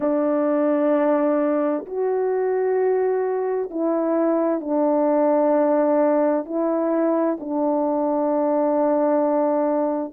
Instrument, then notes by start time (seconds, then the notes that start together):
horn
0.00 D4
1.85 F#4
3.70 E4
4.60 D4
6.45 E4
7.40 D4